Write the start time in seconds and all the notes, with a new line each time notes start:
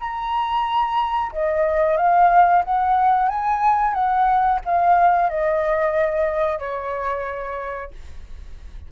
0.00 A#5
1.32 D#5
1.98 F5
2.64 F#5
3.29 G#5
3.94 F#5
4.65 F5
5.30 D#5
6.59 C#5